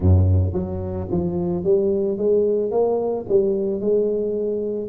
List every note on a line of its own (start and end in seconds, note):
0.00 0.53 F#2
0.53 1.07 F#3
1.11 1.64 F3
1.64 2.17 G3
2.17 2.71 G#3
2.71 3.25 A#3
3.29 3.80 G3
3.80 4.89 G#3